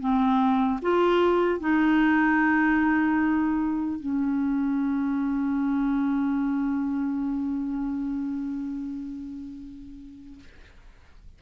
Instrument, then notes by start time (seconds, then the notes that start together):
clarinet
0.00 C4
0.82 F4
1.60 D#4
4.00 C#4